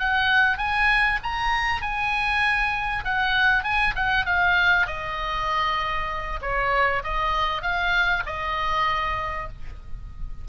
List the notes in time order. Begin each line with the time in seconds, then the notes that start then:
0.00 F#5
0.58 G#5
1.24 A#5
1.82 G#5
3.04 F#5
3.64 G#5
3.96 F#5
4.26 F5
4.87 D#5
6.42 C#5
7.04 D#5
7.63 F5
8.27 D#5